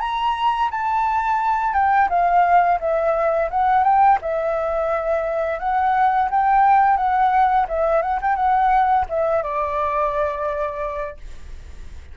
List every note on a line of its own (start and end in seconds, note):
0.00 0.70 A#5
0.71 1.73 A5
1.73 2.08 G5
2.09 2.79 F5
2.80 3.49 E5
3.50 3.84 F#5
3.84 4.19 G5
4.22 5.59 E5
5.59 6.29 F#5
6.30 6.97 G5
6.97 7.66 F#5
7.68 8.02 E5
8.02 8.19 F#5
8.21 8.36 G5
8.36 9.05 F#5
9.09 9.42 E5
9.42 11.17 D5